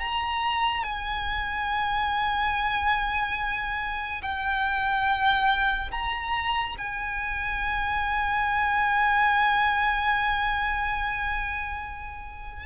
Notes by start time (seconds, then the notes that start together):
0.00 A#5
0.84 G#5
4.23 G5
5.92 A#5
6.79 G#5